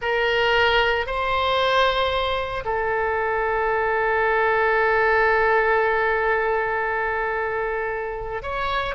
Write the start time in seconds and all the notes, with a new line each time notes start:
0.01 A#4
1.06 C5
2.64 A4
8.42 C#5